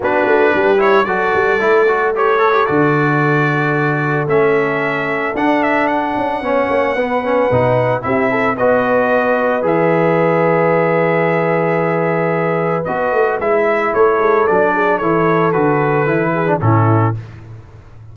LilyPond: <<
  \new Staff \with { instrumentName = "trumpet" } { \time 4/4 \tempo 4 = 112 b'4. cis''8 d''2 | cis''4 d''2. | e''2 fis''8 e''8 fis''4~ | fis''2. e''4 |
dis''2 e''2~ | e''1 | dis''4 e''4 cis''4 d''4 | cis''4 b'2 a'4 | }
  \new Staff \with { instrumentName = "horn" } { \time 4/4 fis'4 g'4 a'2~ | a'1~ | a'1 | cis''4 b'2 g'8 a'8 |
b'1~ | b'1~ | b'2 a'4. gis'8 | a'2~ a'8 gis'8 e'4 | }
  \new Staff \with { instrumentName = "trombone" } { \time 4/4 d'4. e'8 fis'4 e'8 fis'8 | g'8 a'16 g'16 fis'2. | cis'2 d'2 | cis'4 b8 cis'8 dis'4 e'4 |
fis'2 gis'2~ | gis'1 | fis'4 e'2 d'4 | e'4 fis'4 e'8. d'16 cis'4 | }
  \new Staff \with { instrumentName = "tuba" } { \time 4/4 b8 a8 g4 fis8 g8 a4~ | a4 d2. | a2 d'4. cis'8 | b8 ais8 b4 b,4 c'4 |
b2 e2~ | e1 | b8 a8 gis4 a8 gis8 fis4 | e4 d4 e4 a,4 | }
>>